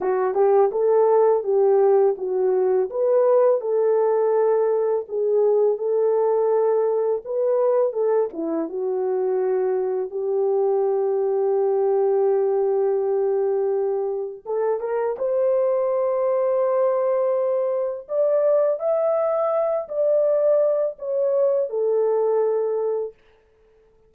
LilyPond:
\new Staff \with { instrumentName = "horn" } { \time 4/4 \tempo 4 = 83 fis'8 g'8 a'4 g'4 fis'4 | b'4 a'2 gis'4 | a'2 b'4 a'8 e'8 | fis'2 g'2~ |
g'1 | a'8 ais'8 c''2.~ | c''4 d''4 e''4. d''8~ | d''4 cis''4 a'2 | }